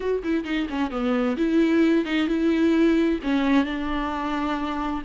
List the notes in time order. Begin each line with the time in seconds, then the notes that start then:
0.00 F#4
0.23 E4
0.44 D#4
0.69 C#4
0.90 B3
1.36 E4
2.05 D#4
2.27 E4
3.23 C#4
3.65 D4